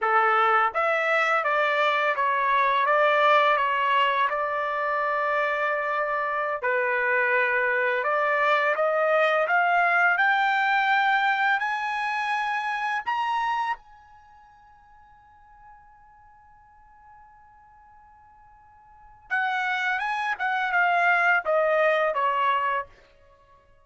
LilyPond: \new Staff \with { instrumentName = "trumpet" } { \time 4/4 \tempo 4 = 84 a'4 e''4 d''4 cis''4 | d''4 cis''4 d''2~ | d''4~ d''16 b'2 d''8.~ | d''16 dis''4 f''4 g''4.~ g''16~ |
g''16 gis''2 ais''4 gis''8.~ | gis''1~ | gis''2. fis''4 | gis''8 fis''8 f''4 dis''4 cis''4 | }